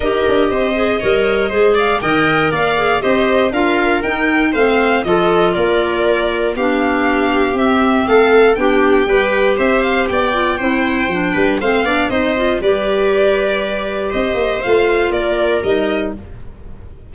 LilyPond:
<<
  \new Staff \with { instrumentName = "violin" } { \time 4/4 \tempo 4 = 119 dis''2.~ dis''8 f''8 | g''4 f''4 dis''4 f''4 | g''4 f''4 dis''4 d''4~ | d''4 f''2 e''4 |
f''4 g''2 e''8 f''8 | g''2. f''4 | dis''4 d''2. | dis''4 f''4 d''4 dis''4 | }
  \new Staff \with { instrumentName = "viola" } { \time 4/4 ais'4 c''4 cis''4 c''8 d''8 | dis''4 d''4 c''4 ais'4~ | ais'4 c''4 a'4 ais'4~ | ais'4 g'2. |
a'4 g'4 b'4 c''4 | d''4 c''4. b'8 c''8 d''8 | c''4 b'2. | c''2 ais'2 | }
  \new Staff \with { instrumentName = "clarinet" } { \time 4/4 g'4. gis'8 ais'4 gis'4 | ais'4. gis'8 g'4 f'4 | dis'4 c'4 f'2~ | f'4 d'2 c'4~ |
c'4 d'4 g'2~ | g'8 f'8 e'4 d'4 c'8 d'8 | dis'8 f'8 g'2.~ | g'4 f'2 dis'4 | }
  \new Staff \with { instrumentName = "tuba" } { \time 4/4 dis'8 d'8 c'4 g4 gis4 | dis4 ais4 c'4 d'4 | dis'4 a4 f4 ais4~ | ais4 b2 c'4 |
a4 b4 g4 c'4 | b4 c'4 f8 g8 a8 b8 | c'4 g2. | c'8 ais8 a4 ais4 g4 | }
>>